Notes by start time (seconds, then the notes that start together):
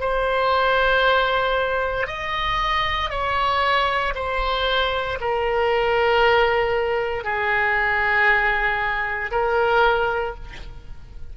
0.00 C5
2.07 D#5
3.10 C#5
4.15 C5
5.21 A#4
7.24 G#4
9.32 A#4